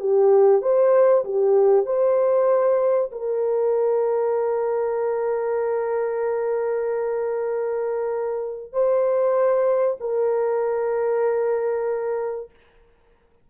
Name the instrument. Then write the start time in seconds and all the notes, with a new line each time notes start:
horn
0.00 G4
0.62 C5
1.25 G4
1.86 C5
3.12 A#4
8.73 C5
10.01 A#4